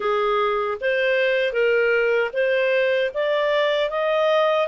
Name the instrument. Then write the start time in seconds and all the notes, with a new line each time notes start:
clarinet
0.00 G#4
0.80 C5
1.52 A#4
2.33 C5
3.14 D5
3.90 D#5